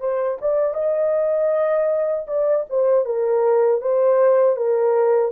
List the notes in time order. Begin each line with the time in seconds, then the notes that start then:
0.00 C5
0.41 D5
0.74 D#5
2.27 D5
2.70 C5
3.05 A#4
3.81 C5
4.56 A#4